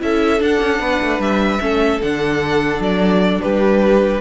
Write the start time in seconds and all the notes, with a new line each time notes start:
0.00 C#4 E4 A4 E5
0.40 D4 F#5
0.60 C#4
0.80 B3 B4
1.02 A3
1.19 G3 E5
1.60 A3 C#4 A4
2.02 D3 D4 F#5
2.80 F#3 D5
3.42 G3 G4 B4